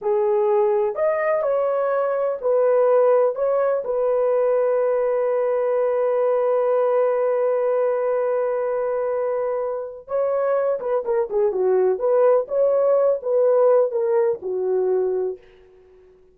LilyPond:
\new Staff \with { instrumentName = "horn" } { \time 4/4 \tempo 4 = 125 gis'2 dis''4 cis''4~ | cis''4 b'2 cis''4 | b'1~ | b'1~ |
b'1~ | b'4 cis''4. b'8 ais'8 gis'8 | fis'4 b'4 cis''4. b'8~ | b'4 ais'4 fis'2 | }